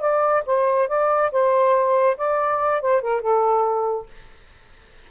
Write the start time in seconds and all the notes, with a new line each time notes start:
0.00 D5
0.46 C5
0.88 D5
1.31 C5
2.17 D5
2.81 C5
3.01 A#4
3.21 A4